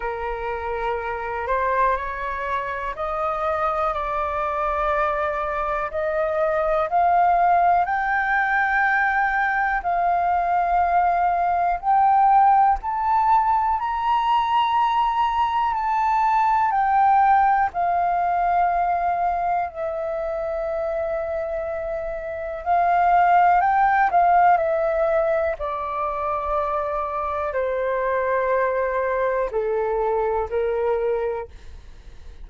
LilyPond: \new Staff \with { instrumentName = "flute" } { \time 4/4 \tempo 4 = 61 ais'4. c''8 cis''4 dis''4 | d''2 dis''4 f''4 | g''2 f''2 | g''4 a''4 ais''2 |
a''4 g''4 f''2 | e''2. f''4 | g''8 f''8 e''4 d''2 | c''2 a'4 ais'4 | }